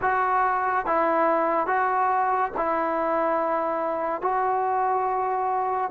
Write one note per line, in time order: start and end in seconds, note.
0.01 0.86 F#4
0.86 1.67 E4
1.67 2.51 F#4
2.57 4.21 E4
4.21 5.90 F#4